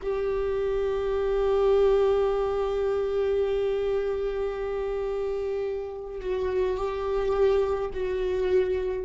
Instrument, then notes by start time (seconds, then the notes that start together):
viola
0.02 G4
6.21 F#4
6.77 G4
7.93 F#4